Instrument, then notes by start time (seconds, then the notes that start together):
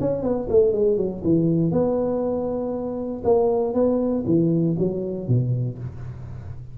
tuba
0.00 C#4
0.23 B3
0.49 A3
0.73 G#3
0.97 F#3
1.24 E3
1.71 B3
3.24 A#3
3.74 B3
4.26 E3
4.79 F#3
5.28 B2